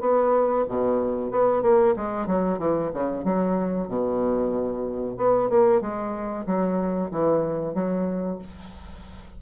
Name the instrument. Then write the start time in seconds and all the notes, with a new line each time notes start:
bassoon
0.00 B3
0.68 B2
1.31 B3
1.62 A#3
1.96 G#3
2.26 F#3
2.58 E3
2.93 C#3
3.24 F#3
3.88 B2
5.17 B3
5.49 A#3
5.81 G#3
6.46 F#3
7.11 E3
7.74 F#3